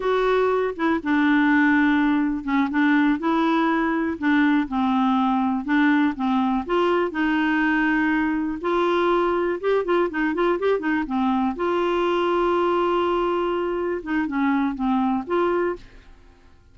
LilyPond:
\new Staff \with { instrumentName = "clarinet" } { \time 4/4 \tempo 4 = 122 fis'4. e'8 d'2~ | d'4 cis'8 d'4 e'4.~ | e'8 d'4 c'2 d'8~ | d'8 c'4 f'4 dis'4.~ |
dis'4. f'2 g'8 | f'8 dis'8 f'8 g'8 dis'8 c'4 f'8~ | f'1~ | f'8 dis'8 cis'4 c'4 f'4 | }